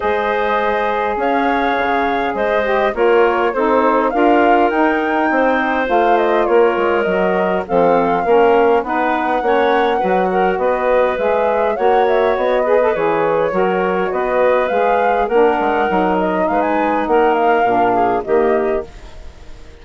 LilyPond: <<
  \new Staff \with { instrumentName = "flute" } { \time 4/4 \tempo 4 = 102 dis''2 f''2 | dis''4 cis''4 c''4 f''4 | g''2 f''8 dis''8 cis''4 | dis''4 f''2 fis''4~ |
fis''2 dis''4 e''4 | fis''8 e''8 dis''4 cis''2 | dis''4 f''4 fis''4. dis''8 | f''16 gis''8. fis''8 f''4. dis''4 | }
  \new Staff \with { instrumentName = "clarinet" } { \time 4/4 c''2 cis''2 | c''4 ais'4 a'4 ais'4~ | ais'4 c''2 ais'4~ | ais'4 a'4 ais'4 b'4 |
cis''4 b'8 ais'8 b'2 | cis''4. b'4. ais'4 | b'2 ais'2 | b'4 ais'4. gis'8 g'4 | }
  \new Staff \with { instrumentName = "saxophone" } { \time 4/4 gis'1~ | gis'8 g'8 f'4 dis'4 f'4 | dis'2 f'2 | fis'4 c'4 cis'4 dis'4 |
cis'4 fis'2 gis'4 | fis'4. gis'16 a'16 gis'4 fis'4~ | fis'4 gis'4 d'4 dis'4~ | dis'2 d'4 ais4 | }
  \new Staff \with { instrumentName = "bassoon" } { \time 4/4 gis2 cis'4 cis4 | gis4 ais4 c'4 d'4 | dis'4 c'4 a4 ais8 gis8 | fis4 f4 ais4 b4 |
ais4 fis4 b4 gis4 | ais4 b4 e4 fis4 | b4 gis4 ais8 gis8 fis4 | gis4 ais4 ais,4 dis4 | }
>>